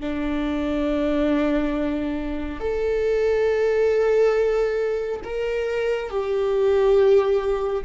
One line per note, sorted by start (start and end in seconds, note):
0.00 2.60 D4
2.60 5.21 A4
5.24 6.10 A#4
6.10 7.84 G4